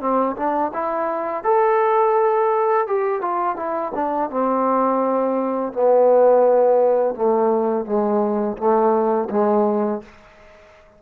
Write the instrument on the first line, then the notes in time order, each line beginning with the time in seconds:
trombone
0.00 C4
0.36 D4
0.73 E4
1.44 A4
2.87 G4
3.21 F4
3.56 E4
3.94 D4
4.30 C4
5.73 B3
7.15 A3
7.85 G#3
8.57 A3
9.30 G#3